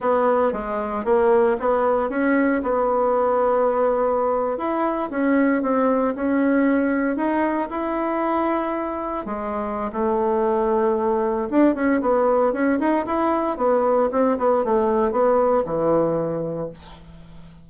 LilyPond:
\new Staff \with { instrumentName = "bassoon" } { \time 4/4 \tempo 4 = 115 b4 gis4 ais4 b4 | cis'4 b2.~ | b8. e'4 cis'4 c'4 cis'16~ | cis'4.~ cis'16 dis'4 e'4~ e'16~ |
e'4.~ e'16 gis4~ gis16 a4~ | a2 d'8 cis'8 b4 | cis'8 dis'8 e'4 b4 c'8 b8 | a4 b4 e2 | }